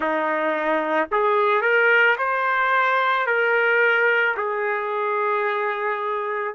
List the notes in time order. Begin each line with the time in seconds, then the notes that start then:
0.00 D#4
1.11 G#4
1.61 A#4
2.18 C5
3.26 A#4
4.36 G#4